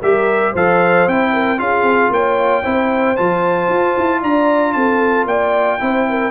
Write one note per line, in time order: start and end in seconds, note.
0.00 0.54 G3
0.00 0.55 G4
0.00 0.53 A#4
0.00 0.55 E5
0.53 1.07 F3
0.53 1.09 A4
0.53 1.32 C5
0.53 1.08 F5
1.07 1.60 C4
1.07 1.58 E4
1.07 1.59 G5
1.33 1.60 A#4
1.58 1.82 C#4
1.58 2.63 F4
1.58 2.13 G#4
1.58 2.12 F5
1.82 2.09 C4
2.10 2.63 A#3
2.10 2.63 C#5
2.10 3.16 G5
2.63 3.18 C4
2.63 3.17 E4
2.63 4.21 C5
3.16 3.69 F3
3.16 5.79 F4
3.16 4.22 A5
3.69 3.95 F4
3.97 4.23 E4
4.22 4.76 D4
4.22 4.74 D5
4.22 4.73 A#5
4.73 5.25 C4
4.73 5.27 A4
4.73 5.25 A5
5.25 5.78 A#3
5.25 5.80 D5
5.25 6.30 G5
5.79 6.30 C4
5.79 6.30 E4
5.79 6.08 C5
6.09 6.30 A#4